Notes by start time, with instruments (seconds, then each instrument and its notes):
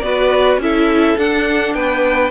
0.00 cello B3, viola F#4, violin B4 D5
0.58 cello C#4, viola E4, violin A4 E5
1.17 cello D4, viola D4, violin F#5
1.74 cello B3, violin B4 G5